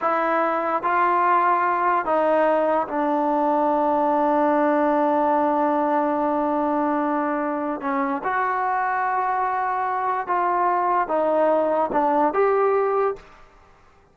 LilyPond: \new Staff \with { instrumentName = "trombone" } { \time 4/4 \tempo 4 = 146 e'2 f'2~ | f'4 dis'2 d'4~ | d'1~ | d'1~ |
d'2. cis'4 | fis'1~ | fis'4 f'2 dis'4~ | dis'4 d'4 g'2 | }